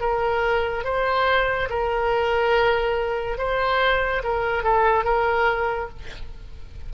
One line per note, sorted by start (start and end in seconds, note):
0.00 0.84 A#4
0.84 1.69 C5
1.69 3.38 A#4
3.38 4.22 C5
4.23 4.63 A#4
4.63 5.04 A4
5.04 5.89 A#4